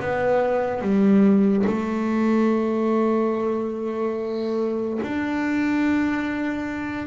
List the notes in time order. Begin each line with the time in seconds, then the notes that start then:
0.00 B3
0.82 G3
1.67 A3
5.03 D4